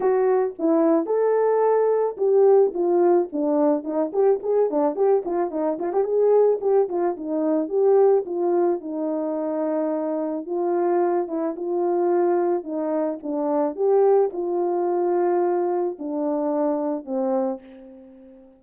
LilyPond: \new Staff \with { instrumentName = "horn" } { \time 4/4 \tempo 4 = 109 fis'4 e'4 a'2 | g'4 f'4 d'4 dis'8 g'8 | gis'8 d'8 g'8 f'8 dis'8 f'16 g'16 gis'4 | g'8 f'8 dis'4 g'4 f'4 |
dis'2. f'4~ | f'8 e'8 f'2 dis'4 | d'4 g'4 f'2~ | f'4 d'2 c'4 | }